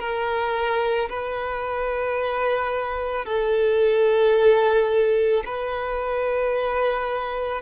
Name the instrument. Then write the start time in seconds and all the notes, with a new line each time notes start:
violin
0.00 A#4
1.09 B4
3.25 A4
5.45 B4